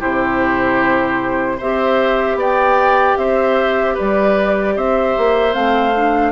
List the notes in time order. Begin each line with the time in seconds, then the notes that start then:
0.00 C3 E4 G4 C5
1.58 C4 G4 C5 E5
2.36 B3 D5 G5
3.17 C4 C5 E5
3.95 G3 B4 D5
4.77 C4 C5 E5
5.18 A#3
5.53 A3 C4 F5
5.96 D4